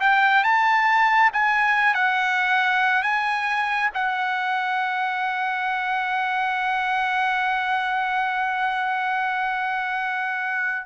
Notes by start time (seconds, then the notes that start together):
0.00 G5
0.43 A5
1.33 G#5
1.94 F#5
3.03 G#5
3.94 F#5